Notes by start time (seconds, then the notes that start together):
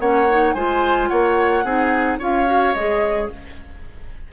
0.00 A#3 C#4 C#5 F#5
0.30 D#4
0.54 G#3 F4 C5 G#5
1.09 A#3 C#5 F#5
1.64 C4 D#4 G#4
2.19 C#4 F4 C#5 F5
2.46 F#4
2.74 G#3 G#4 D#5